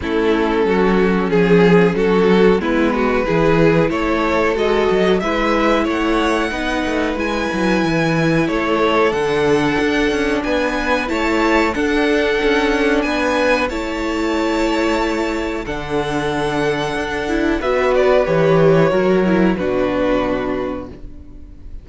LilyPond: <<
  \new Staff \with { instrumentName = "violin" } { \time 4/4 \tempo 4 = 92 a'2 gis'4 a'4 | b'2 cis''4 dis''4 | e''4 fis''2 gis''4~ | gis''4 cis''4 fis''2 |
gis''4 a''4 fis''2 | gis''4 a''2. | fis''2. e''8 d''8 | cis''2 b'2 | }
  \new Staff \with { instrumentName = "violin" } { \time 4/4 e'4 fis'4 gis'4 fis'4 | e'8 fis'8 gis'4 a'2 | b'4 cis''4 b'2~ | b'4 a'2. |
b'4 cis''4 a'2 | b'4 cis''2. | a'2. b'4~ | b'4 ais'4 fis'2 | }
  \new Staff \with { instrumentName = "viola" } { \time 4/4 cis'1 | b4 e'2 fis'4 | e'2 dis'4 e'4~ | e'2 d'2~ |
d'4 e'4 d'2~ | d'4 e'2. | d'2~ d'8 e'8 fis'4 | g'4 fis'8 e'8 d'2 | }
  \new Staff \with { instrumentName = "cello" } { \time 4/4 a4 fis4 f4 fis4 | gis4 e4 a4 gis8 fis8 | gis4 a4 b8 a8 gis8 fis8 | e4 a4 d4 d'8 cis'8 |
b4 a4 d'4 cis'4 | b4 a2. | d2 d'4 b4 | e4 fis4 b,2 | }
>>